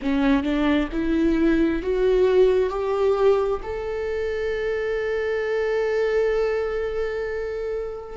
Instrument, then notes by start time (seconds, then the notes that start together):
viola
0.02 C#4
0.43 D4
0.92 E4
1.82 F#4
2.69 G4
3.62 A4